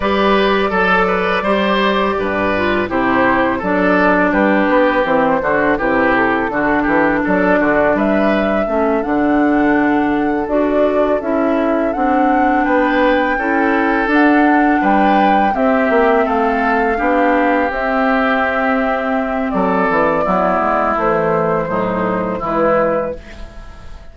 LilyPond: <<
  \new Staff \with { instrumentName = "flute" } { \time 4/4 \tempo 4 = 83 d''1 | c''4 d''4 b'4 c''4 | b'8 a'4. d''4 e''4~ | e''8 fis''2 d''4 e''8~ |
e''8 fis''4 g''2 fis''8~ | fis''8 g''4 e''4 f''4.~ | f''8 e''2~ e''8 d''4~ | d''4 c''2 b'4 | }
  \new Staff \with { instrumentName = "oboe" } { \time 4/4 b'4 a'8 b'8 c''4 b'4 | g'4 a'4 g'4. fis'8 | g'4 fis'8 g'8 a'8 fis'8 b'4 | a'1~ |
a'4. b'4 a'4.~ | a'8 b'4 g'4 a'4 g'8~ | g'2. a'4 | e'2 dis'4 e'4 | }
  \new Staff \with { instrumentName = "clarinet" } { \time 4/4 g'4 a'4 g'4. f'8 | e'4 d'2 c'8 d'8 | e'4 d'2. | cis'8 d'2 fis'4 e'8~ |
e'8 d'2 e'4 d'8~ | d'4. c'2 d'8~ | d'8 c'2.~ c'8 | b4 e4 fis4 gis4 | }
  \new Staff \with { instrumentName = "bassoon" } { \time 4/4 g4 fis4 g4 g,4 | c4 fis4 g8 b8 e8 d8 | c4 d8 e8 fis8 d8 g4 | a8 d2 d'4 cis'8~ |
cis'8 c'4 b4 cis'4 d'8~ | d'8 g4 c'8 ais8 a4 b8~ | b8 c'2~ c'8 fis8 e8 | fis8 gis8 a4 a,4 e4 | }
>>